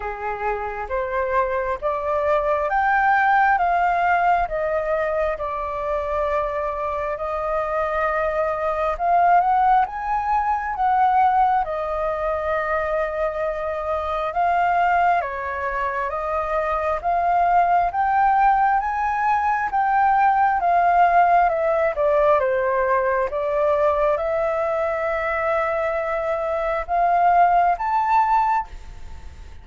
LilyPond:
\new Staff \with { instrumentName = "flute" } { \time 4/4 \tempo 4 = 67 gis'4 c''4 d''4 g''4 | f''4 dis''4 d''2 | dis''2 f''8 fis''8 gis''4 | fis''4 dis''2. |
f''4 cis''4 dis''4 f''4 | g''4 gis''4 g''4 f''4 | e''8 d''8 c''4 d''4 e''4~ | e''2 f''4 a''4 | }